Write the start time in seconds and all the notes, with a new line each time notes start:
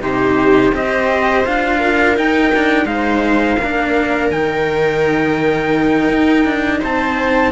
0.00 C3 D#4 G4 C5
0.73 C4 G4 C5 D#5
1.44 D4 F4 F5
1.79 A#4
2.16 D#4 G5
2.55 D4
2.85 G#3 D#4 C5 F5
3.59 A#3 D4 A#4
4.31 D#3 D#4 G5
6.09 D#4
6.45 D4
6.80 C4 C5 A5